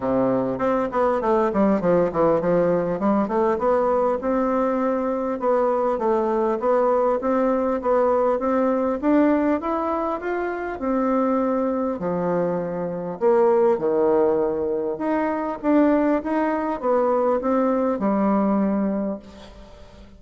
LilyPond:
\new Staff \with { instrumentName = "bassoon" } { \time 4/4 \tempo 4 = 100 c4 c'8 b8 a8 g8 f8 e8 | f4 g8 a8 b4 c'4~ | c'4 b4 a4 b4 | c'4 b4 c'4 d'4 |
e'4 f'4 c'2 | f2 ais4 dis4~ | dis4 dis'4 d'4 dis'4 | b4 c'4 g2 | }